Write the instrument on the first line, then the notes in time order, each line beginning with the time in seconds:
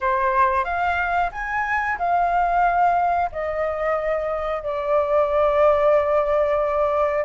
flute
0.00 C5
0.64 F5
1.32 G#5
1.98 F5
3.31 D#5
4.62 D5